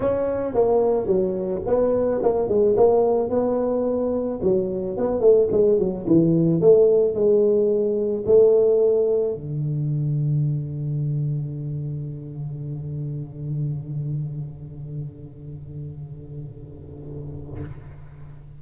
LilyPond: \new Staff \with { instrumentName = "tuba" } { \time 4/4 \tempo 4 = 109 cis'4 ais4 fis4 b4 | ais8 gis8 ais4 b2 | fis4 b8 a8 gis8 fis8 e4 | a4 gis2 a4~ |
a4 d2.~ | d1~ | d1~ | d1 | }